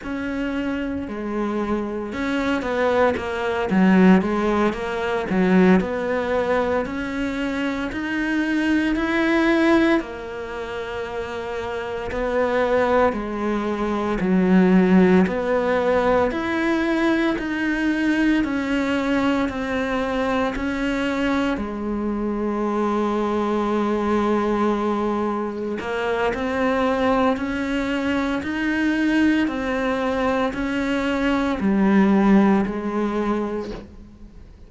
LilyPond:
\new Staff \with { instrumentName = "cello" } { \time 4/4 \tempo 4 = 57 cis'4 gis4 cis'8 b8 ais8 fis8 | gis8 ais8 fis8 b4 cis'4 dis'8~ | dis'8 e'4 ais2 b8~ | b8 gis4 fis4 b4 e'8~ |
e'8 dis'4 cis'4 c'4 cis'8~ | cis'8 gis2.~ gis8~ | gis8 ais8 c'4 cis'4 dis'4 | c'4 cis'4 g4 gis4 | }